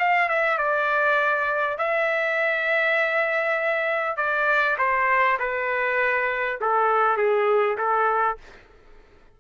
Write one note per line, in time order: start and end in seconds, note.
0.00 0.29 F5
0.29 0.59 E5
0.59 1.79 D5
1.79 4.17 E5
4.17 4.77 D5
4.79 5.39 C5
5.40 6.60 B4
6.61 7.18 A4
7.18 7.78 G#4
7.78 8.38 A4